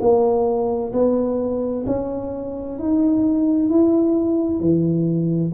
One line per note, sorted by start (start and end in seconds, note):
0.00 0.92 A#3
0.92 1.85 B3
1.86 2.79 C#4
2.79 3.69 D#4
3.69 4.60 E4
4.60 5.52 E3